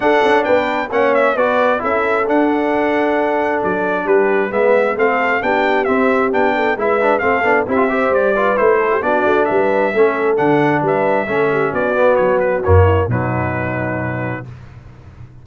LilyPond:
<<
  \new Staff \with { instrumentName = "trumpet" } { \time 4/4 \tempo 4 = 133 fis''4 g''4 fis''8 e''8 d''4 | e''4 fis''2. | d''4 b'4 e''4 f''4 | g''4 e''4 g''4 e''4 |
f''4 e''4 d''4 c''4 | d''4 e''2 fis''4 | e''2 d''4 cis''8 b'8 | cis''4 b'2. | }
  \new Staff \with { instrumentName = "horn" } { \time 4/4 a'4 b'4 cis''4 b'4 | a'1~ | a'4 g'4 b'4 a'4 | g'2~ g'8 a'8 b'4 |
a'4 g'8 c''4 b'4 a'16 g'16 | fis'4 b'4 a'2 | b'4 a'8 g'8 fis'2~ | fis'8 e'8 dis'2. | }
  \new Staff \with { instrumentName = "trombone" } { \time 4/4 d'2 cis'4 fis'4 | e'4 d'2.~ | d'2 b4 c'4 | d'4 c'4 d'4 e'8 d'8 |
c'8 d'8 e'16 f'16 g'4 f'8 e'4 | d'2 cis'4 d'4~ | d'4 cis'4. b4. | ais4 fis2. | }
  \new Staff \with { instrumentName = "tuba" } { \time 4/4 d'8 cis'8 b4 ais4 b4 | cis'4 d'2. | fis4 g4 gis4 a4 | b4 c'4 b4 gis4 |
a8 b8 c'4 g4 a4 | b8 a8 g4 a4 d4 | g4 a4 b4 fis4 | fis,4 b,2. | }
>>